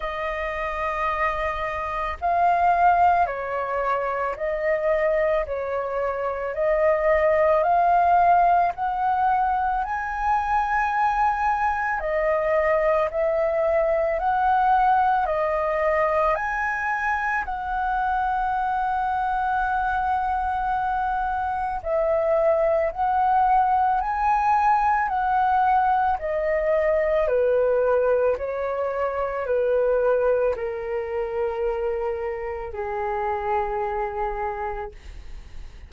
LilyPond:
\new Staff \with { instrumentName = "flute" } { \time 4/4 \tempo 4 = 55 dis''2 f''4 cis''4 | dis''4 cis''4 dis''4 f''4 | fis''4 gis''2 dis''4 | e''4 fis''4 dis''4 gis''4 |
fis''1 | e''4 fis''4 gis''4 fis''4 | dis''4 b'4 cis''4 b'4 | ais'2 gis'2 | }